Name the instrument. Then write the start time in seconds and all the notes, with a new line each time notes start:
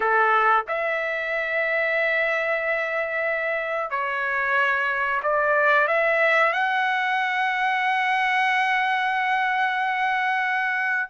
trumpet
0.00 A4
0.68 E5
3.90 C#5
5.22 D5
5.87 E5
6.52 F#5